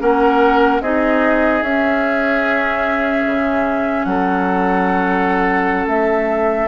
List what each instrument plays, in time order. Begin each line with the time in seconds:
0.00 bassoon A#3, clarinet C#4, oboe A#4, flute F#5
0.81 bassoon C4, clarinet D#4, oboe G#4, flute D#5
1.62 bassoon C#4, clarinet C#4, flute E5
3.26 bassoon C#3
4.04 bassoon F#3, oboe A4, flute F#5
5.86 bassoon A3, flute E5